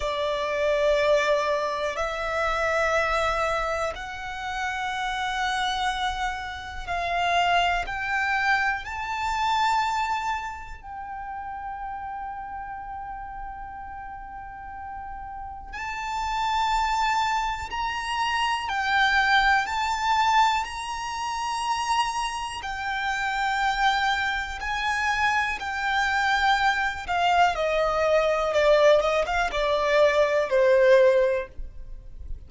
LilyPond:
\new Staff \with { instrumentName = "violin" } { \time 4/4 \tempo 4 = 61 d''2 e''2 | fis''2. f''4 | g''4 a''2 g''4~ | g''1 |
a''2 ais''4 g''4 | a''4 ais''2 g''4~ | g''4 gis''4 g''4. f''8 | dis''4 d''8 dis''16 f''16 d''4 c''4 | }